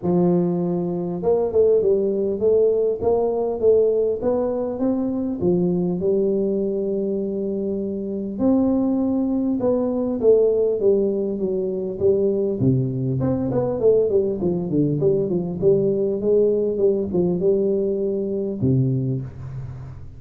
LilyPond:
\new Staff \with { instrumentName = "tuba" } { \time 4/4 \tempo 4 = 100 f2 ais8 a8 g4 | a4 ais4 a4 b4 | c'4 f4 g2~ | g2 c'2 |
b4 a4 g4 fis4 | g4 c4 c'8 b8 a8 g8 | f8 d8 g8 f8 g4 gis4 | g8 f8 g2 c4 | }